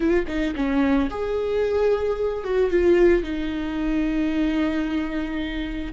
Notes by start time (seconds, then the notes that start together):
0.00 F4
0.27 D#4
0.55 C#4
1.10 G#4
2.44 F#4
2.70 F4
3.23 D#4